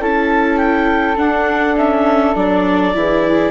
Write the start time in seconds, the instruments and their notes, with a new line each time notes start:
0.00 bassoon C#4, viola E4, flute A4, clarinet A5
0.57 clarinet G5
1.16 viola D4, bassoon D4, clarinet F#5
1.77 viola C#4, clarinet E5
2.35 bassoon F#3, viola D4, clarinet D5
2.94 bassoon E3, viola E4, flute G#4